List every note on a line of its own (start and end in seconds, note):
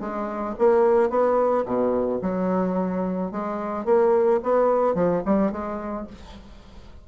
0.00 0.55 G#3
0.59 1.10 A#3
1.10 1.65 B3
1.65 2.20 B2
2.22 3.32 F#3
3.32 3.85 G#3
3.85 4.40 A#3
4.43 4.94 B3
4.94 5.22 F3
5.25 5.52 G3
5.52 6.07 G#3